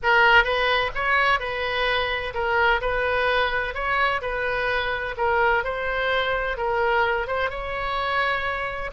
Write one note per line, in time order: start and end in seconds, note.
0.03 0.43 A#4
0.43 0.90 B4
0.94 1.39 C#5
1.39 2.33 B4
2.34 2.80 A#4
2.81 3.74 B4
3.74 4.21 C#5
4.21 5.15 B4
5.17 5.64 A#4
5.64 6.57 C5
6.57 7.27 A#4
7.27 7.50 C5
7.50 8.90 C#5